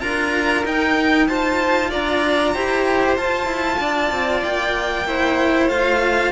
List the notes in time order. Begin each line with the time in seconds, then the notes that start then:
0.00 D4 F4 A#4 A#5
0.64 D#4 G5
1.27 F4 C5 A5
1.90 D4 D5 A#5
2.53 E4 G4 C5
3.16 F4 A5
3.46 E4
3.79 D4 D5
4.11 C4
4.43 A#3 G5
5.06 E4 C5
5.68 A3 F4 F5